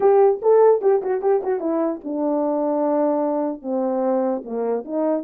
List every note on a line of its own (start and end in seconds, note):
0.00 0.40 G4
0.42 0.81 A4
0.81 1.01 G4
1.02 1.21 F#4
1.21 1.41 G4
1.43 1.60 F#4
1.60 2.00 E4
2.03 3.61 D4
3.61 4.42 C4
4.44 4.84 A#3
4.84 5.23 D#4